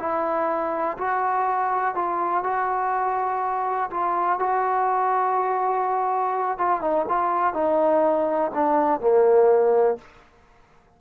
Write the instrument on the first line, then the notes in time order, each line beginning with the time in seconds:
trombone
0.00 E4
0.98 F#4
1.95 F4
2.44 F#4
3.90 F4
4.39 F#4
6.58 F4
6.82 D#4
7.08 F4
7.54 D#4
8.55 D4
9.01 A#3